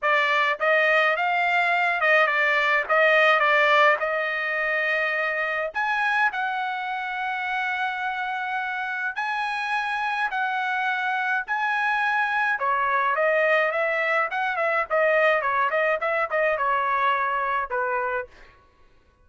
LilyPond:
\new Staff \with { instrumentName = "trumpet" } { \time 4/4 \tempo 4 = 105 d''4 dis''4 f''4. dis''8 | d''4 dis''4 d''4 dis''4~ | dis''2 gis''4 fis''4~ | fis''1 |
gis''2 fis''2 | gis''2 cis''4 dis''4 | e''4 fis''8 e''8 dis''4 cis''8 dis''8 | e''8 dis''8 cis''2 b'4 | }